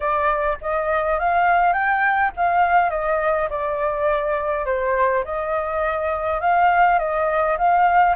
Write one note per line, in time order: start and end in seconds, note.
0.00 0.58 D5
0.61 1.19 D#5
1.19 1.73 F5
1.73 2.31 G5
2.36 2.90 F5
2.90 3.48 D#5
3.50 4.65 D5
4.65 5.23 C5
5.24 6.41 D#5
6.41 6.98 F5
6.98 7.57 D#5
7.57 8.16 F5